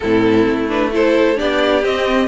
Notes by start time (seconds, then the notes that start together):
0.00 A2 C4 E4 A4
0.46 A3
0.68 D4 B4
0.92 E4 A4 C5
1.36 B3 D4 G4 D5
1.82 C4 D#5